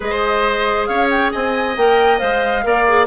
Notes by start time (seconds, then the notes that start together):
0.00 G#3 G#4 C5 D#5
0.86 C#4 C#5 F5
1.10 G5
1.32 C4 D#5 G#5
1.76 A#3 A#4 G5
2.18 G#3 C5 F5
2.63 A#3 A#4 D5
2.87 G#4